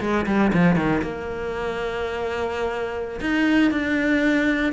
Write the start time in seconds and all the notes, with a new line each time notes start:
0.00 G#3
0.26 G3
0.53 F3
0.76 D#3
1.02 A#3
3.21 D#4
3.71 D4